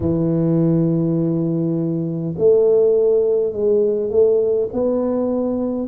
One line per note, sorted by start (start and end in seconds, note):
0.00 2.34 E3
2.38 3.52 A3
3.52 4.10 G#3
4.10 4.68 A3
4.73 5.87 B3